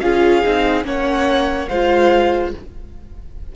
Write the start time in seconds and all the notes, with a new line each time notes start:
0.00 C#4 F4 G#4 F5
0.45 C4 D#4
0.84 A#3 C#4 C#5 F#5
1.69 G#3 F4 C5 F5